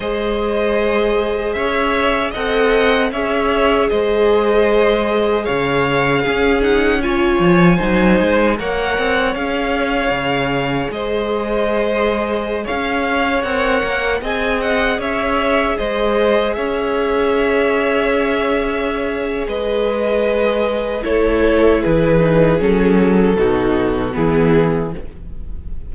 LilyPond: <<
  \new Staff \with { instrumentName = "violin" } { \time 4/4 \tempo 4 = 77 dis''2 e''4 fis''4 | e''4 dis''2 f''4~ | f''8 fis''8 gis''2 fis''4 | f''2 dis''2~ |
dis''16 f''4 fis''4 gis''8 fis''8 e''8.~ | e''16 dis''4 e''2~ e''8.~ | e''4 dis''2 cis''4 | b'4 a'2 gis'4 | }
  \new Staff \with { instrumentName = "violin" } { \time 4/4 c''2 cis''4 dis''4 | cis''4 c''2 cis''4 | gis'4 cis''4 c''4 cis''4~ | cis''2 c''2~ |
c''16 cis''2 dis''4 cis''8.~ | cis''16 c''4 cis''2~ cis''8.~ | cis''4 b'2 a'4 | gis'2 fis'4 e'4 | }
  \new Staff \with { instrumentName = "viola" } { \time 4/4 gis'2. a'4 | gis'1 | cis'8 dis'8 f'4 dis'4 ais'4 | gis'1~ |
gis'4~ gis'16 ais'4 gis'4.~ gis'16~ | gis'1~ | gis'2. e'4~ | e'8 dis'8 cis'4 dis'4 b4 | }
  \new Staff \with { instrumentName = "cello" } { \time 4/4 gis2 cis'4 c'4 | cis'4 gis2 cis4 | cis'4. f8 fis8 gis8 ais8 c'8 | cis'4 cis4 gis2~ |
gis16 cis'4 c'8 ais8 c'4 cis'8.~ | cis'16 gis4 cis'2~ cis'8.~ | cis'4 gis2 a4 | e4 fis4 b,4 e4 | }
>>